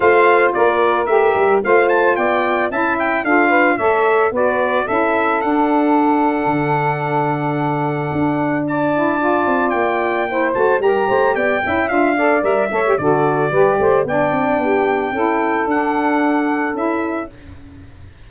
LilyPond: <<
  \new Staff \with { instrumentName = "trumpet" } { \time 4/4 \tempo 4 = 111 f''4 d''4 e''4 f''8 a''8 | g''4 a''8 g''8 f''4 e''4 | d''4 e''4 fis''2~ | fis''1 |
a''2 g''4. a''8 | ais''4 g''4 f''4 e''4 | d''2 g''2~ | g''4 fis''2 e''4 | }
  \new Staff \with { instrumentName = "saxophone" } { \time 4/4 c''4 ais'2 c''4 | d''4 e''4 a'8 b'8 cis''4 | b'4 a'2.~ | a'1 |
d''2. c''4 | ais'8 c''8 d''8 e''4 d''4 cis''8 | a'4 b'8 c''8 d''4 g'4 | a'1 | }
  \new Staff \with { instrumentName = "saxophone" } { \time 4/4 f'2 g'4 f'4~ | f'4 e'4 f'4 a'4 | fis'4 e'4 d'2~ | d'1~ |
d'8 e'8 f'2 e'8 fis'8 | g'4. e'8 f'8 a'8 ais'8 a'16 g'16 | fis'4 g'4 d'2 | e'4 d'2 e'4 | }
  \new Staff \with { instrumentName = "tuba" } { \time 4/4 a4 ais4 a8 g8 a4 | b4 cis'4 d'4 a4 | b4 cis'4 d'2 | d2. d'4~ |
d'4. c'8 ais4. a8 | g8 a8 b8 cis'8 d'4 g8 a8 | d4 g8 a8 b8 c'8 b4 | cis'4 d'2 cis'4 | }
>>